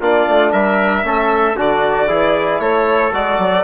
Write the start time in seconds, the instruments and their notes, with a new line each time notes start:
0.00 bassoon A#3, trombone D4, trumpet F4, violin D5
0.28 bassoon A3
0.52 bassoon G3, trumpet A#4, violin E5
1.03 bassoon A3, trombone C#4, trumpet A4
1.56 bassoon D3, trombone D4, trumpet F#4, violin D5
2.07 bassoon E3, trombone E4, trumpet G#4
2.59 bassoon A3, trumpet A4, violin C#5
3.12 bassoon G#3, trombone F#4, violin D5
3.38 bassoon F#3